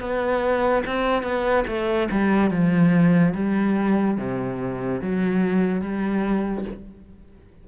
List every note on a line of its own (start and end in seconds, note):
0.00 0.83 B3
0.86 1.23 C4
1.23 1.64 B3
1.67 2.09 A3
2.11 2.50 G3
2.50 3.34 F3
3.34 4.17 G3
4.18 5.01 C3
5.01 5.81 F#3
5.81 6.64 G3